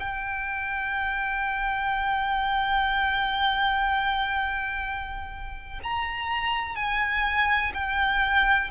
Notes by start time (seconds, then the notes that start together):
0.00 G5
5.83 A#5
6.76 G#5
7.74 G5